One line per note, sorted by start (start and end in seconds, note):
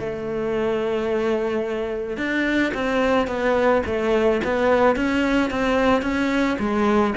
0.00 2.18 A3
2.18 2.73 D4
2.74 3.28 C4
3.28 3.83 B3
3.86 4.41 A3
4.44 4.96 B3
4.96 5.51 C#4
5.51 6.03 C4
6.03 6.58 C#4
6.59 7.14 G#3